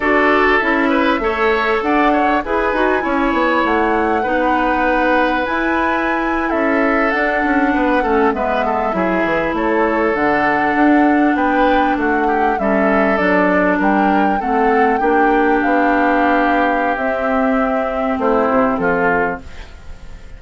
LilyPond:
<<
  \new Staff \with { instrumentName = "flute" } { \time 4/4 \tempo 4 = 99 d''4 e''2 fis''4 | gis''2 fis''2~ | fis''4 gis''4.~ gis''16 e''4 fis''16~ | fis''4.~ fis''16 e''2 cis''16~ |
cis''8. fis''2 g''4 fis''16~ | fis''8. e''4 d''4 g''4 fis''16~ | fis''8. g''4 f''2~ f''16 | e''2 c''4 a'4 | }
  \new Staff \with { instrumentName = "oboe" } { \time 4/4 a'4. b'8 cis''4 d''8 cis''8 | b'4 cis''2 b'4~ | b'2~ b'8. a'4~ a'16~ | a'8. b'8 a'8 b'8 a'8 gis'4 a'16~ |
a'2~ a'8. b'4 fis'16~ | fis'16 g'8 a'2 ais'4 a'16~ | a'8. g'2.~ g'16~ | g'2 e'4 f'4 | }
  \new Staff \with { instrumentName = "clarinet" } { \time 4/4 fis'4 e'4 a'2 | gis'8 fis'8 e'2 dis'4~ | dis'4 e'2~ e'8. d'16~ | d'4~ d'16 cis'8 b4 e'4~ e'16~ |
e'8. d'2.~ d'16~ | d'8. cis'4 d'2 c'16~ | c'8. d'2.~ d'16 | c'1 | }
  \new Staff \with { instrumentName = "bassoon" } { \time 4/4 d'4 cis'4 a4 d'4 | e'8 dis'8 cis'8 b8 a4 b4~ | b4 e'4.~ e'16 cis'4 d'16~ | d'16 cis'8 b8 a8 gis4 fis8 e8 a16~ |
a8. d4 d'4 b4 a16~ | a8. g4 fis4 g4 a16~ | a8. ais4 b2~ b16 | c'2 a8 c8 f4 | }
>>